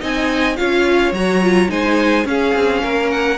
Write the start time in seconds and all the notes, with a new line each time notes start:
0.00 C4 D#4 D#5 G#5
0.57 C#4 F4 C#5 F5
1.12 F#3 F#4 A#5
1.42 F4
1.69 G#3 D#4 C5 G#5
2.25 C#4 G#4 F5
2.55 C4
2.82 A#3 A#4
3.11 F#5